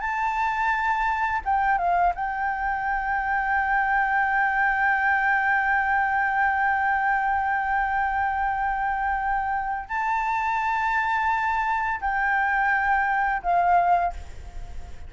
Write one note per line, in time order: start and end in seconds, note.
0.00 1.41 A5
1.45 1.78 G5
1.78 2.13 F5
2.15 9.89 G5
9.89 12.00 A5
12.01 13.42 G5
13.42 14.13 F5